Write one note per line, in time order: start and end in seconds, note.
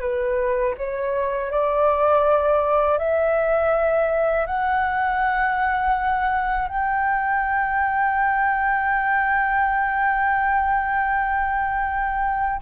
0.00 0.74 B4
0.77 1.51 C#5
1.51 2.98 D5
2.98 4.46 E5
4.46 6.68 F#5
6.68 12.61 G5